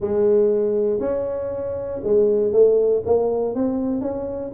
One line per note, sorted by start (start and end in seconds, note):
0.00 1.00 G#3
1.00 2.01 C#4
2.03 2.52 G#3
2.52 3.03 A3
3.05 3.54 A#3
3.54 4.01 C4
4.01 4.51 C#4